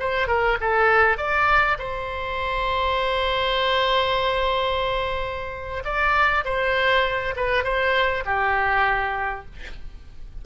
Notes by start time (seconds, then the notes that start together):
0.00 C5
0.28 A#4
0.61 A4
1.18 D5
1.79 C5
5.85 D5
6.45 C5
7.37 B4
7.64 C5
8.26 G4